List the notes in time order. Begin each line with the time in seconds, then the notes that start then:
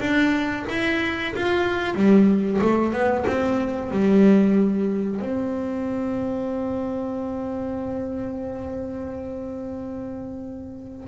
0.00 D4
0.69 E4
1.35 F4
1.95 G3
2.61 A3
2.93 B3
3.27 C4
3.91 G3
5.21 C4